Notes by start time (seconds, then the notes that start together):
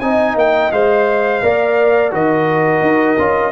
0.00 C4 D#4 D#5 G#5
0.35 A#3 G5
0.71 G#3 C5 F5
1.42 A#3 A#4 D5
2.11 D#3 F#4 A#4 D#5
2.81 D#4
3.18 C#4 F4